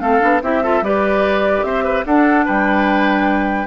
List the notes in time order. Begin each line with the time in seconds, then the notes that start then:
0.00 A3 C4 A4 F5
0.20 B3 D4
0.42 C4 E4 G4 E5
0.64 F4 A4
0.82 G3 G4 B4 D5
1.64 C4 C5 E5
1.84 B4
2.05 D4 A4 F#5
2.46 G3 B4 G5